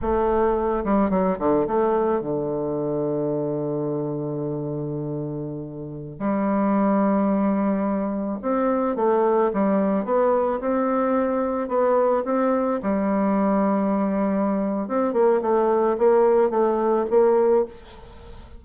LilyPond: \new Staff \with { instrumentName = "bassoon" } { \time 4/4 \tempo 4 = 109 a4. g8 fis8 d8 a4 | d1~ | d2.~ d16 g8.~ | g2.~ g16 c'8.~ |
c'16 a4 g4 b4 c'8.~ | c'4~ c'16 b4 c'4 g8.~ | g2. c'8 ais8 | a4 ais4 a4 ais4 | }